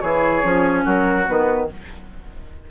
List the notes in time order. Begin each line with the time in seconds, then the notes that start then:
0.00 E3 E4 G#4 C#5
0.42 F3 C#4
0.85 F#3 F#4 A#4
1.26 D#3 B3 B4